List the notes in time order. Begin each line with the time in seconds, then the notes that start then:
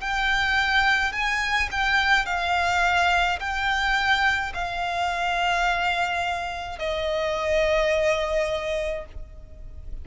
0.00 G5
1.12 G#5
1.71 G5
2.25 F5
3.39 G5
4.53 F5
6.78 D#5